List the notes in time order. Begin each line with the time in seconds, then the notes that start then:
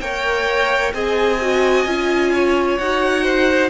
0.00 A#3 A#4 C#5 G5
0.93 C4 G#4 D#5 G#5
1.41 F#4
1.85 C#4 F4
2.33 C#5
2.78 D#4 F#4 F#5
3.24 C5